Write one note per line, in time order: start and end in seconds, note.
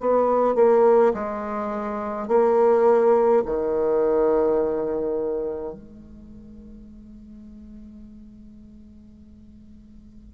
0.00 0.55 B3
0.55 1.12 A#3
1.13 2.28 G#3
2.28 3.43 A#3
3.45 5.73 D#3
5.73 10.34 G#3